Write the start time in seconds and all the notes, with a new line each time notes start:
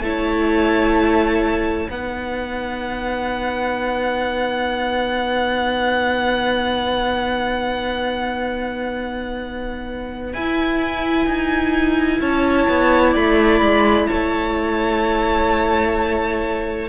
0.00 A3 E4 C#5 A5
1.90 B3 D#4 B4 F#5
10.33 E4 G#5
11.27 D#4
12.21 C#4 C#5 A5
12.69 B3
13.11 A3 D5 B5
13.61 G#3
14.07 A3 C#5 A5